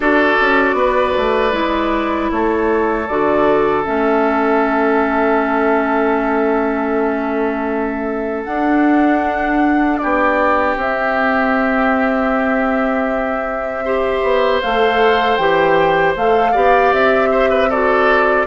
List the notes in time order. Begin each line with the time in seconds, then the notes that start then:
0.00 D4 F#4 A4 D5
0.41 C#4
0.73 B3 B4
1.17 A3
1.51 G#3 E4
2.31 A3 A4 C#5
3.07 D3 F#4 D5
3.83 A3 C#4 E5
8.44 D4 F#5
9.97 G4 D5
10.03 B3
10.76 C4 E5
13.84 G4 C5
14.22 B3
14.61 A3 A4 F5
15.36 E3 G4 G5
16.16 A3 A4 F5
16.51 B3 G4 D5
16.92 C4 E5
17.31 C5
17.49 B4
17.69 F#4 A4 D5